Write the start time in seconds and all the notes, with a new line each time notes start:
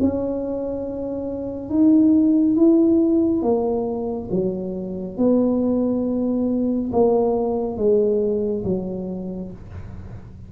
0.00 C#4
1.69 D#4
2.56 E4
3.42 A#3
4.31 F#3
5.17 B3
6.92 A#3
7.77 G#3
8.64 F#3